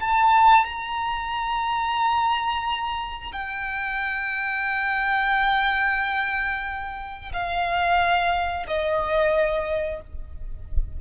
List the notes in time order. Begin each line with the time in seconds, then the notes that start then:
0.00 A5
0.65 A#5
3.32 G5
7.32 F5
8.67 D#5